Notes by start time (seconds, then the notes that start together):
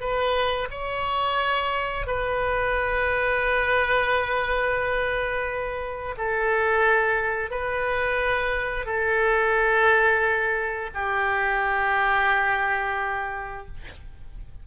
0.00 B4
0.70 C#5
2.06 B4
6.17 A4
7.51 B4
8.86 A4
10.94 G4